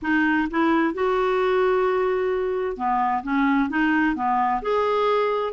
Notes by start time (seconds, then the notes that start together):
0.02 D#4
0.50 E4
0.94 F#4
2.77 B3
3.23 C#4
3.69 D#4
4.15 B3
4.62 G#4